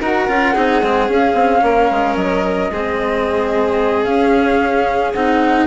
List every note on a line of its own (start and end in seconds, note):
0.00 0.28 D#4
0.00 0.29 F#4
0.00 0.53 A#4
0.00 1.11 F#5
0.29 0.56 C#4
0.29 0.56 F4
0.53 0.83 C4
0.53 0.83 D#4
0.53 1.62 G#4
0.83 1.09 G#3
0.83 1.08 C4
1.08 2.70 C#4
1.08 1.34 C#4
1.08 2.16 F5
1.34 1.61 C4
1.63 1.90 A#3
1.63 2.71 A#4
1.91 2.16 G#3
2.16 2.70 F#3
2.16 4.04 D#5
2.71 4.06 G#3
2.71 4.06 C4
2.71 5.67 G#4
4.04 5.14 C#4
4.04 5.12 F5
5.13 5.67 C4
5.13 5.67 D#4
5.13 5.67 F#5